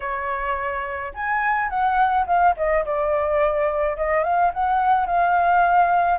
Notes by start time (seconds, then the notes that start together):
0.00 C#5
1.13 G#5
1.69 F#5
2.26 F5
2.56 D#5
2.85 D5
3.96 D#5
4.23 F5
4.53 F#5
5.06 F5